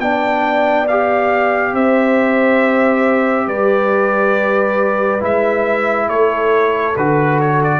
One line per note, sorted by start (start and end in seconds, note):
0.00 1.73 B3
0.00 0.87 D4
0.00 1.74 D5
0.00 0.87 G5
0.88 5.20 G4
0.88 1.75 F5
1.73 3.47 C4
1.73 3.47 C5
1.73 3.48 E5
3.47 5.21 G3
3.47 6.08 B4
3.47 5.22 D5
5.20 6.08 G#3
5.20 6.94 E4
5.20 6.09 E5
6.08 6.95 A3
6.08 7.80 A4
6.08 6.96 C#5
6.97 7.80 D3
6.97 7.80 F#4
6.97 7.40 B4
7.41 7.62 C#5
7.64 7.80 D5